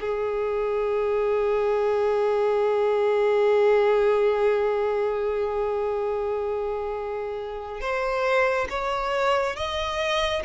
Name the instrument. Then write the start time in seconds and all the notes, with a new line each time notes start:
violin
0.00 G#4
7.80 C5
8.69 C#5
9.56 D#5